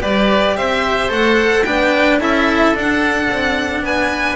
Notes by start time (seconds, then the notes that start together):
0.00 G3 G4 B4 D5
0.56 C4 C5 E5
1.08 A3 A4 F#5
1.64 B3 D4 B4 G5
2.19 C#4 E4 A4 E5
2.74 D4 F#5
3.29 C4
3.81 B3 B4 G#5